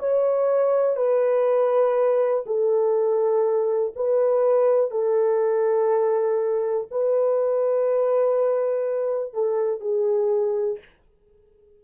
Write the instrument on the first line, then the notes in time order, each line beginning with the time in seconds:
horn
0.00 C#5
0.97 B4
2.46 A4
3.96 B4
4.91 A4
6.91 B4
9.34 A4
9.81 G#4